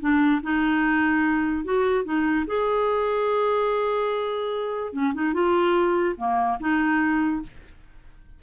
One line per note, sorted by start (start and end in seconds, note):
0.00 0.41 D4
0.43 1.65 D#4
1.65 2.05 F#4
2.05 2.46 D#4
2.47 4.93 G#4
4.93 5.13 C#4
5.14 5.33 D#4
5.33 6.16 F4
6.17 6.58 A#3
6.60 7.42 D#4